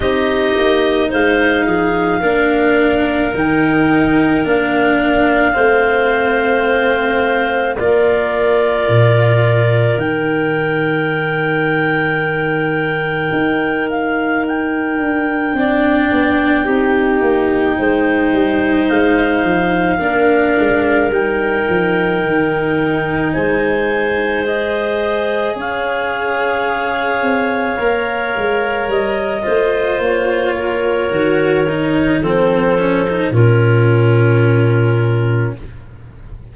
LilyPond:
<<
  \new Staff \with { instrumentName = "clarinet" } { \time 4/4 \tempo 4 = 54 dis''4 f''2 g''4 | f''2. d''4~ | d''4 g''2.~ | g''8 f''8 g''2.~ |
g''4 f''2 g''4~ | g''4 gis''4 dis''4 f''4~ | f''2 dis''4 cis''4~ | cis''4 c''4 ais'2 | }
  \new Staff \with { instrumentName = "clarinet" } { \time 4/4 g'4 c''8 gis'8 ais'2~ | ais'4 c''2 ais'4~ | ais'1~ | ais'2 d''4 g'4 |
c''2 ais'2~ | ais'4 c''2 cis''4~ | cis''2~ cis''8 c''4 ais'8~ | ais'4 a'4 f'2 | }
  \new Staff \with { instrumentName = "cello" } { \time 4/4 dis'2 d'4 dis'4 | d'4 c'2 f'4~ | f'4 dis'2.~ | dis'2 d'4 dis'4~ |
dis'2 d'4 dis'4~ | dis'2 gis'2~ | gis'4 ais'4. f'4. | fis'8 dis'8 c'8 cis'16 dis'16 cis'2 | }
  \new Staff \with { instrumentName = "tuba" } { \time 4/4 c'8 ais8 gis8 f8 ais4 dis4 | ais4 a2 ais4 | ais,4 dis2. | dis'4. d'8 c'8 b8 c'8 ais8 |
gis8 g8 gis8 f8 ais8 gis8 g8 f8 | dis4 gis2 cis'4~ | cis'8 c'8 ais8 gis8 g8 a8 ais4 | dis4 f4 ais,2 | }
>>